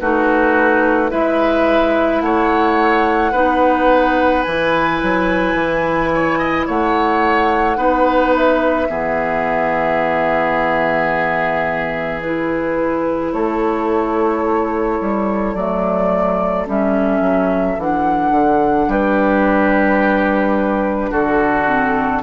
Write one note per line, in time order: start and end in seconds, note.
0.00 1.11 A3
0.00 1.09 D#4
0.00 1.10 F#4
0.00 1.10 B4
1.09 2.21 G#3
1.09 3.31 E4
1.09 2.22 B4
1.09 2.21 E5
2.21 3.32 A3
2.21 3.31 C#5
2.21 4.42 F#5
3.31 4.44 B3
3.31 4.44 D#4
3.31 6.09 B4
4.42 5.02 E3
4.42 7.76 E4
4.42 6.64 G#5
5.02 5.54 F#3
5.54 6.65 E3
6.13 6.38 C#5
6.38 6.66 D#5
6.66 7.77 A3
6.66 7.77 C#5
6.66 8.34 F#5
7.76 8.88 B3
7.76 8.87 D#4
7.76 8.88 B4
8.36 12.21 E5
8.88 13.33 E3
8.88 12.22 B3
8.88 13.32 G#4
12.21 15.56 E4
12.21 13.32 B4
13.32 14.99 A3
13.32 18.87 A4
13.32 15.54 C#5
15.00 15.54 G3
15.54 16.65 F#3
15.54 16.66 A3
15.54 16.66 D5
16.66 17.20 G3
16.66 17.77 C#4
16.66 17.80 E5
17.20 17.76 F#3
17.78 18.31 E3
17.78 21.66 D4
17.78 18.91 F#5
18.31 18.86 D3
18.87 21.09 G3
18.87 21.10 G4
18.87 21.12 B4
21.10 22.22 D3
21.10 22.21 F#4
21.10 22.22 A4
21.66 22.22 C4